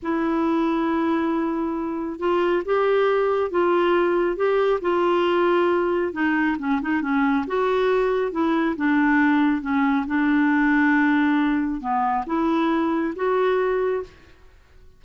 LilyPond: \new Staff \with { instrumentName = "clarinet" } { \time 4/4 \tempo 4 = 137 e'1~ | e'4 f'4 g'2 | f'2 g'4 f'4~ | f'2 dis'4 cis'8 dis'8 |
cis'4 fis'2 e'4 | d'2 cis'4 d'4~ | d'2. b4 | e'2 fis'2 | }